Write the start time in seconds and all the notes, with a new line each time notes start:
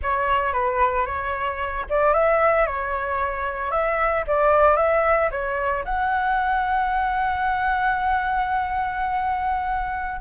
0.02 C#5
0.52 B4
1.05 C#5
1.89 D5
2.13 E5
2.66 C#5
3.71 E5
4.27 D5
4.76 E5
5.31 C#5
5.84 F#5